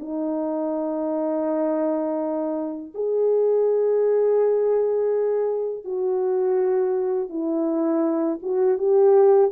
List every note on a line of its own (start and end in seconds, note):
0.00 2.93 D#4
2.95 5.85 G#4
5.85 7.29 F#4
7.29 8.39 E4
8.42 8.78 F#4
8.78 9.52 G4